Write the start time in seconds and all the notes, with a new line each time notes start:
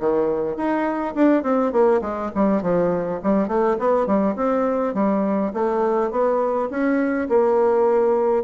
0.00 D#3
0.57 D#4
1.15 D4
1.43 C4
1.72 A#3
2.02 G#3
2.35 G3
2.62 F3
3.23 G3
3.48 A3
3.79 B3
4.07 G3
4.36 C4
4.95 G3
5.54 A3
6.11 B3
6.70 C#4
7.29 A#3